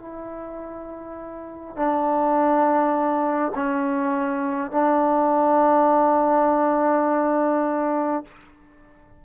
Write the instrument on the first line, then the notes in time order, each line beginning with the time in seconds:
trombone
0.00 E4
1.76 D4
3.56 C#4
4.72 D4